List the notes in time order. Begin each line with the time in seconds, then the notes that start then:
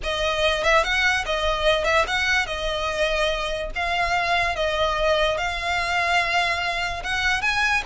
0.03 D#5
0.63 E5
0.83 F#5
1.25 D#5
1.84 E5
2.07 F#5
2.46 D#5
3.75 F5
4.55 D#5
5.37 F5
7.03 F#5
7.41 G#5